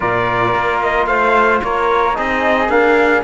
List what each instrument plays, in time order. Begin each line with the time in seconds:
0.00 cello A#2, trombone F4, flute A#4, trumpet D5
0.54 cello A#3
0.83 trumpet D#5
1.06 cello A3, flute C5, trumpet F5
1.63 cello A#3, flute A#4, trumpet C#5
2.14 cello C4, trombone D#4, flute G#4, trumpet D#5
2.68 trombone A#3, cello D4, trumpet F5